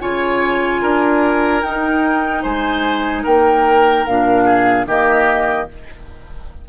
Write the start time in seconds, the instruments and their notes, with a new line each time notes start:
0.00 bassoon C#3, clarinet F4, oboe C#5, flute G#5
0.82 bassoon D4, oboe A#4
1.62 bassoon D#4, clarinet D#4, flute G5
2.43 bassoon G#3, oboe C5, flute G#5
3.23 bassoon A#3, oboe A#4, flute G5
4.06 bassoon A#2, clarinet D4, flute F5
4.45 oboe G#4
4.86 bassoon D#3, clarinet A#3, oboe G4, flute D#5